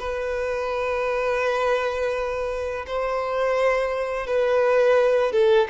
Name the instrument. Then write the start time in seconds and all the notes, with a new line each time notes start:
violin
0.00 B4
2.87 C5
4.27 B4
5.32 A4